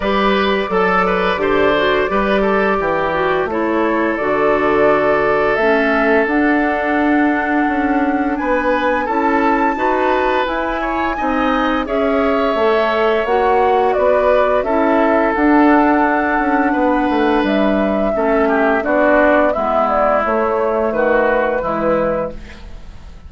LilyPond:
<<
  \new Staff \with { instrumentName = "flute" } { \time 4/4 \tempo 4 = 86 d''1~ | d''4 cis''4 d''2 | e''4 fis''2. | gis''4 a''2 gis''4~ |
gis''4 e''2 fis''4 | d''4 e''4 fis''2~ | fis''4 e''2 d''4 | e''8 d''8 cis''4 b'2 | }
  \new Staff \with { instrumentName = "oboe" } { \time 4/4 b'4 a'8 b'8 c''4 b'8 a'8 | g'4 a'2.~ | a'1 | b'4 a'4 b'4. cis''8 |
dis''4 cis''2. | b'4 a'2. | b'2 a'8 g'8 fis'4 | e'2 fis'4 e'4 | }
  \new Staff \with { instrumentName = "clarinet" } { \time 4/4 g'4 a'4 g'8 fis'8 g'4~ | g'8 fis'8 e'4 fis'2 | cis'4 d'2.~ | d'4 e'4 fis'4 e'4 |
dis'4 gis'4 a'4 fis'4~ | fis'4 e'4 d'2~ | d'2 cis'4 d'4 | b4 a2 gis4 | }
  \new Staff \with { instrumentName = "bassoon" } { \time 4/4 g4 fis4 d4 g4 | e4 a4 d2 | a4 d'2 cis'4 | b4 cis'4 dis'4 e'4 |
c'4 cis'4 a4 ais4 | b4 cis'4 d'4. cis'8 | b8 a8 g4 a4 b4 | gis4 a4 dis4 e4 | }
>>